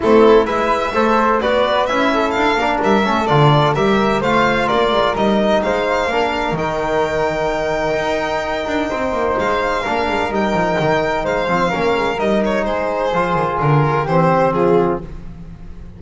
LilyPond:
<<
  \new Staff \with { instrumentName = "violin" } { \time 4/4 \tempo 4 = 128 a'4 e''2 d''4 | e''4 f''4 e''4 d''4 | e''4 f''4 d''4 dis''4 | f''2 g''2~ |
g''1 | f''2 g''2 | f''2 dis''8 cis''8 c''4~ | c''4 ais'4 c''4 gis'4 | }
  \new Staff \with { instrumentName = "flute" } { \time 4/4 e'4 b'4 c''4 b'4~ | b'8 a'4 ais'4 a'4. | ais'4 c''4 ais'2 | c''4 ais'2.~ |
ais'2. c''4~ | c''4 ais'2. | c''4 ais'2 gis'4~ | gis'2 g'4 f'4 | }
  \new Staff \with { instrumentName = "trombone" } { \time 4/4 c'4 e'4 a'4 fis'4 | e'4. d'4 cis'8 f'4 | g'4 f'2 dis'4~ | dis'4 d'4 dis'2~ |
dis'1~ | dis'4 d'4 dis'2~ | dis'8 c'8 cis'4 dis'2 | f'2 c'2 | }
  \new Staff \with { instrumentName = "double bass" } { \time 4/4 a4 gis4 a4 b4 | cis'4 d'8 ais8 g8 a8 d4 | g4 a4 ais8 gis8 g4 | gis4 ais4 dis2~ |
dis4 dis'4. d'8 c'8 ais8 | gis4 ais8 gis8 g8 f8 dis4 | gis8 f8 ais8 gis8 g4 gis4 | f8 dis8 d4 e4 f4 | }
>>